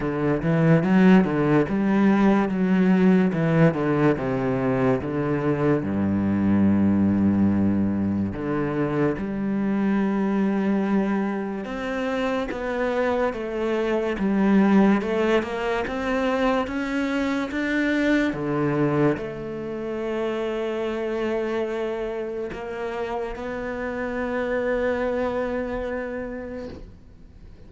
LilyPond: \new Staff \with { instrumentName = "cello" } { \time 4/4 \tempo 4 = 72 d8 e8 fis8 d8 g4 fis4 | e8 d8 c4 d4 g,4~ | g,2 d4 g4~ | g2 c'4 b4 |
a4 g4 a8 ais8 c'4 | cis'4 d'4 d4 a4~ | a2. ais4 | b1 | }